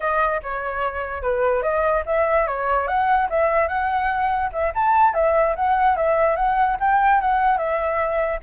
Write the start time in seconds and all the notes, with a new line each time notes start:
0.00 D#5
0.42 C#5
1.22 B4
1.62 D#5
2.05 E5
2.47 C#5
2.87 F#5
3.29 E5
3.68 F#5
4.52 E5
4.74 A5
5.14 E5
5.55 F#5
5.96 E5
6.36 F#5
6.80 G5
7.20 F#5
7.57 E5